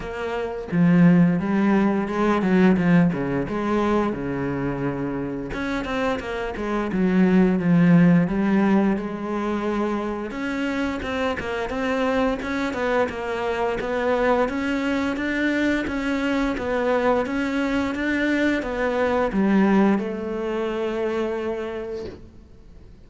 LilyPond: \new Staff \with { instrumentName = "cello" } { \time 4/4 \tempo 4 = 87 ais4 f4 g4 gis8 fis8 | f8 cis8 gis4 cis2 | cis'8 c'8 ais8 gis8 fis4 f4 | g4 gis2 cis'4 |
c'8 ais8 c'4 cis'8 b8 ais4 | b4 cis'4 d'4 cis'4 | b4 cis'4 d'4 b4 | g4 a2. | }